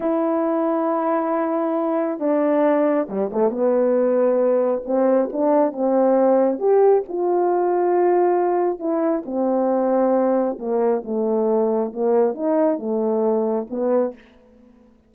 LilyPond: \new Staff \with { instrumentName = "horn" } { \time 4/4 \tempo 4 = 136 e'1~ | e'4 d'2 g8 a8 | b2. c'4 | d'4 c'2 g'4 |
f'1 | e'4 c'2. | ais4 a2 ais4 | dis'4 a2 b4 | }